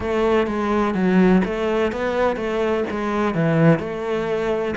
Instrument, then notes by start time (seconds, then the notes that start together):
cello
0.00 A3
0.46 G#3
0.94 F#3
1.45 A3
1.91 B3
2.36 A3
2.90 G#3
3.34 E3
3.79 A3